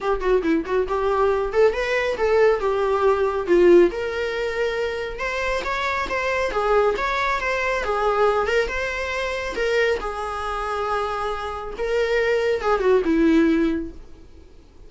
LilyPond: \new Staff \with { instrumentName = "viola" } { \time 4/4 \tempo 4 = 138 g'8 fis'8 e'8 fis'8 g'4. a'8 | b'4 a'4 g'2 | f'4 ais'2. | c''4 cis''4 c''4 gis'4 |
cis''4 c''4 gis'4. ais'8 | c''2 ais'4 gis'4~ | gis'2. ais'4~ | ais'4 gis'8 fis'8 e'2 | }